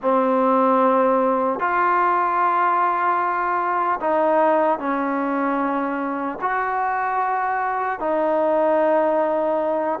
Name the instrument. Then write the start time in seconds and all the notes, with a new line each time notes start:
trombone
0.01 C4
1.59 F4
4.00 D#4
4.78 C#4
6.41 F#4
7.99 D#4